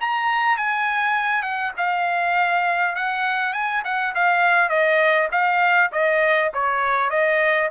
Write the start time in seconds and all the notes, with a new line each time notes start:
0.00 A#5
0.57 G#5
1.42 F#5
1.77 F5
2.95 F#5
3.53 G#5
3.84 F#5
4.15 F5
4.69 D#5
5.31 F5
5.92 D#5
6.53 C#5
7.10 D#5